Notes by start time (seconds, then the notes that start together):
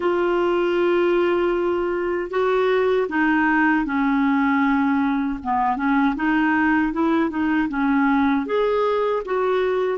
0.00 F4
2.30 F#4
3.08 D#4
3.85 C#4
5.43 B3
5.76 C#4
6.15 D#4
6.92 E4
7.29 D#4
7.69 C#4
8.45 G#4
9.25 F#4